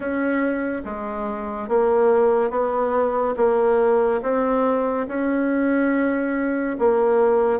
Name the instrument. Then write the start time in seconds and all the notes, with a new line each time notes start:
bassoon
0.00 C#4
0.85 G#3
1.68 A#3
2.50 B3
3.36 A#3
4.22 C4
5.07 C#4
6.79 A#3